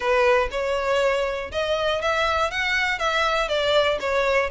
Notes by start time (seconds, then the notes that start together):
0.00 B4
0.51 C#5
1.51 D#5
2.01 E5
2.50 F#5
2.99 E5
3.48 D5
4.00 C#5